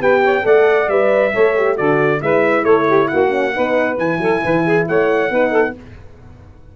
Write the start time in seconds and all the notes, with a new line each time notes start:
0.00 B3 G4 B4 G5
0.24 C#5
0.43 A3 A4 D5 F#5
0.89 G3 B4 E5
1.32 A3 A4 C#5
1.57 G4
1.77 D3 F#4 A4 D5
2.21 G#3 E4 B4 E5
2.64 A3 A4 C#5
2.88 G4
3.08 A#3 F#4 F#5
3.29 C#4
3.54 B3 D#4 B4
3.98 E3 E4 G#5
4.18 F#3 A4
4.44 E3 B4
4.66 G#4
4.88 A3 C#5 F#5
5.31 B3 D#4 B4
5.51 A4